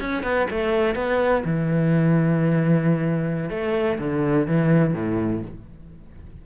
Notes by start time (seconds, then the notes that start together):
0.00 C#4
0.23 B3
0.50 A3
0.95 B3
1.45 E3
3.49 A3
3.98 D3
4.47 E3
4.94 A2